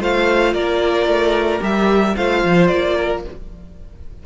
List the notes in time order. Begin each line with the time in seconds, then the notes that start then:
0.00 A3 F4 C5 F5
0.53 A#3 A#4 D5
1.06 A3
1.59 G3 G4 E5
2.16 A3 F4 C5 F5
2.44 F3
2.67 A#3 D5
2.96 A#4